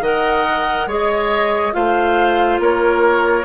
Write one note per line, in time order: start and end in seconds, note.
0.00 0.86 D#3
0.00 0.89 A#4
0.00 0.87 D#5
0.00 0.89 F#5
0.87 1.72 G#3
0.87 1.72 G#4
0.87 1.73 C#5
0.87 1.73 D#5
1.72 2.59 A3
1.72 3.44 F4
1.72 2.61 C5
1.72 2.59 F5
2.59 3.45 A#3
2.59 3.45 A#4
2.59 3.45 C#5